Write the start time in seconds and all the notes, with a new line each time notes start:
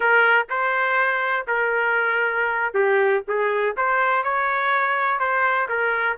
0.00 A#4
0.49 C5
1.47 A#4
2.74 G4
3.27 G#4
3.76 C5
4.23 C#5
5.19 C5
5.68 A#4